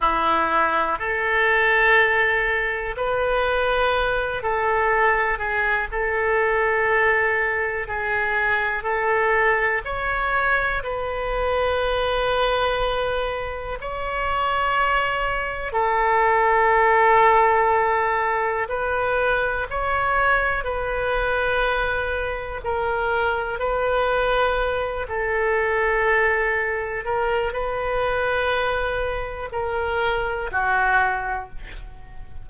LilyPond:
\new Staff \with { instrumentName = "oboe" } { \time 4/4 \tempo 4 = 61 e'4 a'2 b'4~ | b'8 a'4 gis'8 a'2 | gis'4 a'4 cis''4 b'4~ | b'2 cis''2 |
a'2. b'4 | cis''4 b'2 ais'4 | b'4. a'2 ais'8 | b'2 ais'4 fis'4 | }